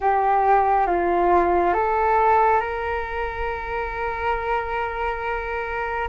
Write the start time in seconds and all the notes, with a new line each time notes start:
0.00 G4
0.87 F4
1.73 A4
2.60 A#4